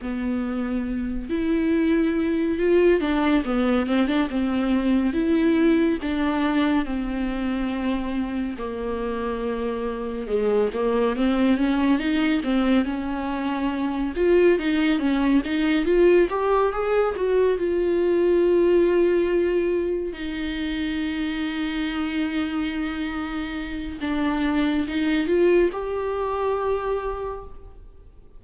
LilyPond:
\new Staff \with { instrumentName = "viola" } { \time 4/4 \tempo 4 = 70 b4. e'4. f'8 d'8 | b8 c'16 d'16 c'4 e'4 d'4 | c'2 ais2 | gis8 ais8 c'8 cis'8 dis'8 c'8 cis'4~ |
cis'8 f'8 dis'8 cis'8 dis'8 f'8 g'8 gis'8 | fis'8 f'2. dis'8~ | dis'1 | d'4 dis'8 f'8 g'2 | }